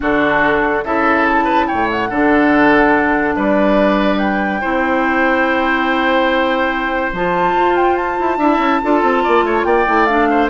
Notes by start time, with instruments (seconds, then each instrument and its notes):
0.00 bassoon D3, clarinet D4, oboe F#4, flute A4
0.84 bassoon C#3, clarinet E4, oboe A4, flute E5
1.27 flute A5
1.44 oboe B4
1.67 bassoon A2, oboe C#5, flute G5
1.91 flute F#5
2.09 bassoon D3, clarinet D4, oboe A4
3.35 bassoon G3, oboe B4, flute D5
4.18 flute G5
4.60 bassoon C4, clarinet E4, oboe C5
7.13 bassoon F3, clarinet F4, flute A5
7.55 bassoon F4
7.76 flute G5
7.96 flute A5
8.19 bassoon E4
8.37 bassoon D4, clarinet E4, oboe E5
8.58 bassoon C#4
8.82 bassoon D4, clarinet F4, oboe A4
9.02 bassoon C4
9.23 bassoon A#3, oboe D5
9.42 bassoon A3, oboe C#5
9.64 bassoon A#3, oboe D5, flute G5
9.86 bassoon A3, clarinet E4
10.05 clarinet D4, flute F5
10.30 oboe C5